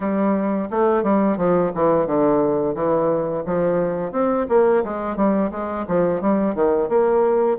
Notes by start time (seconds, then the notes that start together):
0.00 G3
0.70 A3
1.03 G3
1.37 F3
1.74 E3
2.06 D3
2.74 E3
3.45 F3
4.12 C4
4.49 A#3
4.84 G#3
5.16 G3
5.51 G#3
5.87 F3
6.21 G3
6.55 D#3
6.88 A#3